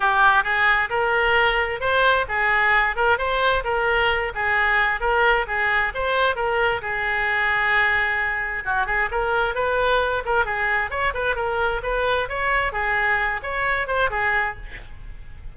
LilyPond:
\new Staff \with { instrumentName = "oboe" } { \time 4/4 \tempo 4 = 132 g'4 gis'4 ais'2 | c''4 gis'4. ais'8 c''4 | ais'4. gis'4. ais'4 | gis'4 c''4 ais'4 gis'4~ |
gis'2. fis'8 gis'8 | ais'4 b'4. ais'8 gis'4 | cis''8 b'8 ais'4 b'4 cis''4 | gis'4. cis''4 c''8 gis'4 | }